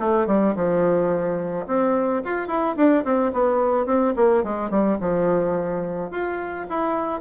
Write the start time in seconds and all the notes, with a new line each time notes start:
0.00 A3
0.27 G3
0.56 F3
1.67 C4
2.25 F4
2.48 E4
2.77 D4
3.05 C4
3.33 B3
3.87 C4
4.16 A#3
4.44 G#3
4.71 G3
5.01 F3
6.11 F4
6.70 E4